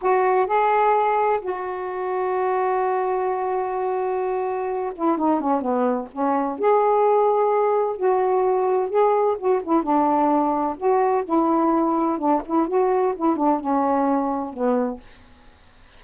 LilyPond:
\new Staff \with { instrumentName = "saxophone" } { \time 4/4 \tempo 4 = 128 fis'4 gis'2 fis'4~ | fis'1~ | fis'2~ fis'8 e'8 dis'8 cis'8 | b4 cis'4 gis'2~ |
gis'4 fis'2 gis'4 | fis'8 e'8 d'2 fis'4 | e'2 d'8 e'8 fis'4 | e'8 d'8 cis'2 b4 | }